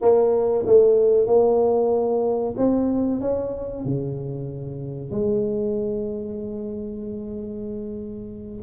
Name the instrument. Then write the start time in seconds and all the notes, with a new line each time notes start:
tuba
0.01 A#3
0.66 A3
1.26 A#3
2.57 C4
3.21 C#4
3.84 C#3
5.11 G#3